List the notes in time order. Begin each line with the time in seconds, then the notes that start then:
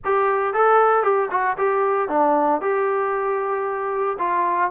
0.04 G4
0.53 A4
1.03 G4
1.30 F#4
1.57 G4
2.09 D4
2.61 G4
4.18 F4